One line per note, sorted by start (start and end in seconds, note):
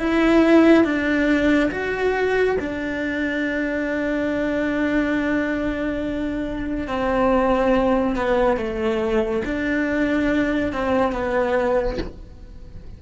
0.00 0.85 E4
0.85 1.70 D4
1.72 2.58 F#4
2.60 6.88 D4
6.88 8.16 C4
8.16 8.58 B3
8.58 9.43 A3
9.46 10.73 D4
10.73 11.13 C4
11.13 11.99 B3